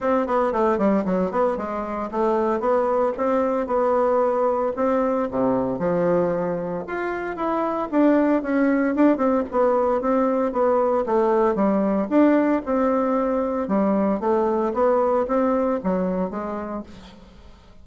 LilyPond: \new Staff \with { instrumentName = "bassoon" } { \time 4/4 \tempo 4 = 114 c'8 b8 a8 g8 fis8 b8 gis4 | a4 b4 c'4 b4~ | b4 c'4 c4 f4~ | f4 f'4 e'4 d'4 |
cis'4 d'8 c'8 b4 c'4 | b4 a4 g4 d'4 | c'2 g4 a4 | b4 c'4 fis4 gis4 | }